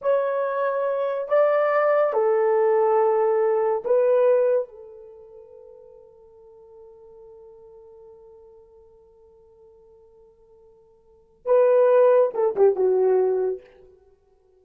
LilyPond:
\new Staff \with { instrumentName = "horn" } { \time 4/4 \tempo 4 = 141 cis''2. d''4~ | d''4 a'2.~ | a'4 b'2 a'4~ | a'1~ |
a'1~ | a'1~ | a'2. b'4~ | b'4 a'8 g'8 fis'2 | }